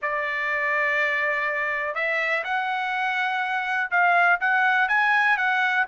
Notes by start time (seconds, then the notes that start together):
0.02 D5
1.94 E5
2.44 F#5
3.90 F5
4.40 F#5
4.88 G#5
5.37 F#5